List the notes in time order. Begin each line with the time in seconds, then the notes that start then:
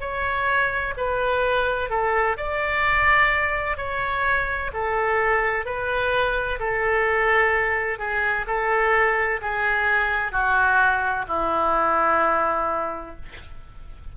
0.00 C#5
0.97 B4
1.89 A4
2.37 D5
3.77 C#5
4.73 A4
5.65 B4
6.59 A4
7.99 G#4
8.46 A4
9.41 G#4
10.32 F#4
11.28 E4